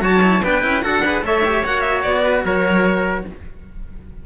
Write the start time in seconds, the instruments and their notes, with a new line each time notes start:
0.00 cello F#3 F#4, trumpet C#5, violin A5
0.22 cello E4
0.43 cello B3 D4, trumpet B4, violin G5
0.62 cello C#4 E4
0.82 cello D4 F#4, trumpet A4, violin F#5
1.05 cello G#4, trumpet B4
1.22 cello A3 A4, trumpet C#5, violin E5
1.45 cello G4
1.64 cello A#3 F#4, violin F#5
1.81 violin E5
2.02 cello B3, violin D5
2.23 trumpet B4
2.44 cello F#3, trumpet A#4, violin C#5